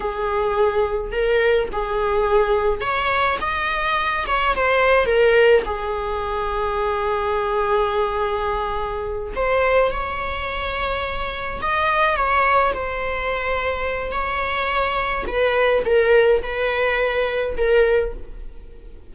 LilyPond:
\new Staff \with { instrumentName = "viola" } { \time 4/4 \tempo 4 = 106 gis'2 ais'4 gis'4~ | gis'4 cis''4 dis''4. cis''8 | c''4 ais'4 gis'2~ | gis'1~ |
gis'8 c''4 cis''2~ cis''8~ | cis''8 dis''4 cis''4 c''4.~ | c''4 cis''2 b'4 | ais'4 b'2 ais'4 | }